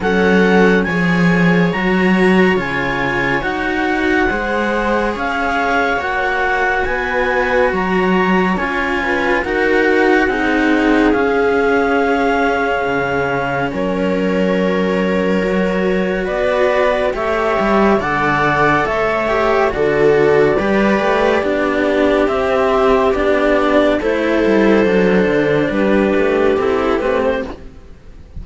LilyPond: <<
  \new Staff \with { instrumentName = "clarinet" } { \time 4/4 \tempo 4 = 70 fis''4 gis''4 ais''4 gis''4 | fis''2 f''4 fis''4 | gis''4 ais''4 gis''4 fis''4~ | fis''4 f''2. |
cis''2. d''4 | e''4 fis''4 e''4 d''4~ | d''2 e''4 d''4 | c''2 b'4 a'8 b'16 c''16 | }
  \new Staff \with { instrumentName = "viola" } { \time 4/4 a'4 cis''2.~ | cis''4 c''4 cis''2 | b'4 cis''4. b'8 ais'4 | gis'1 |
ais'2. b'4 | cis''4 d''4 cis''4 a'4 | b'4 g'2. | a'2 g'2 | }
  \new Staff \with { instrumentName = "cello" } { \time 4/4 cis'4 gis'4 fis'4 f'4 | fis'4 gis'2 fis'4~ | fis'2 f'4 fis'4 | dis'4 cis'2.~ |
cis'2 fis'2 | g'4 a'4. g'8 fis'4 | g'4 d'4 c'4 d'4 | e'4 d'2 e'8 c'8 | }
  \new Staff \with { instrumentName = "cello" } { \time 4/4 fis4 f4 fis4 cis4 | dis'4 gis4 cis'4 ais4 | b4 fis4 cis'4 dis'4 | c'4 cis'2 cis4 |
fis2. b4 | a8 g8 d4 a4 d4 | g8 a8 b4 c'4 b4 | a8 g8 fis8 d8 g8 a8 c'8 a8 | }
>>